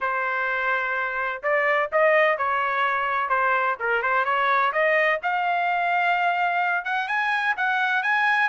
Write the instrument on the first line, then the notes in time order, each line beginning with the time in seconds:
trumpet
0.00 C5
1.42 D5
1.92 D#5
2.37 C#5
3.29 C5
3.79 A#4
4.02 C5
4.24 C#5
4.72 D#5
5.22 F5
6.84 F#5
7.07 G#5
7.56 F#5
8.02 G#5